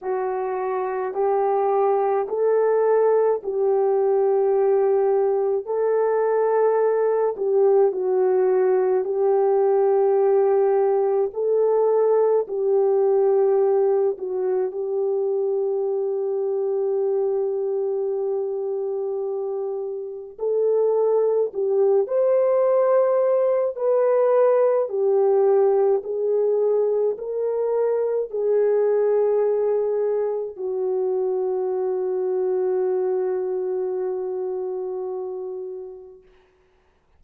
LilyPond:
\new Staff \with { instrumentName = "horn" } { \time 4/4 \tempo 4 = 53 fis'4 g'4 a'4 g'4~ | g'4 a'4. g'8 fis'4 | g'2 a'4 g'4~ | g'8 fis'8 g'2.~ |
g'2 a'4 g'8 c''8~ | c''4 b'4 g'4 gis'4 | ais'4 gis'2 fis'4~ | fis'1 | }